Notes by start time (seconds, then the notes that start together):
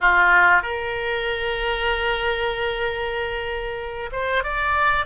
0.00 F4
0.62 A#4
4.12 C5
4.43 D5